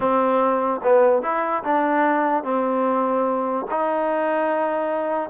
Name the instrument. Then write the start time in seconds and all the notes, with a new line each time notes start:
trombone
0.00 C4
0.83 B3
1.22 E4
1.63 D4
2.43 C4
3.71 D#4